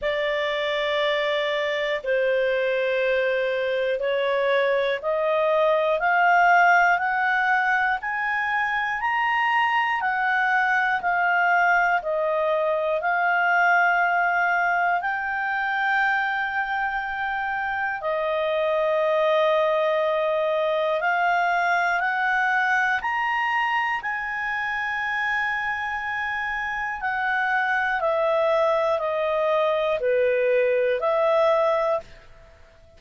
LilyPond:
\new Staff \with { instrumentName = "clarinet" } { \time 4/4 \tempo 4 = 60 d''2 c''2 | cis''4 dis''4 f''4 fis''4 | gis''4 ais''4 fis''4 f''4 | dis''4 f''2 g''4~ |
g''2 dis''2~ | dis''4 f''4 fis''4 ais''4 | gis''2. fis''4 | e''4 dis''4 b'4 e''4 | }